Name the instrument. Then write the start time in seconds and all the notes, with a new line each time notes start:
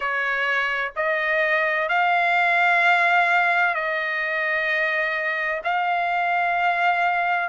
trumpet
0.00 C#5
0.95 D#5
1.88 F5
3.74 D#5
5.64 F5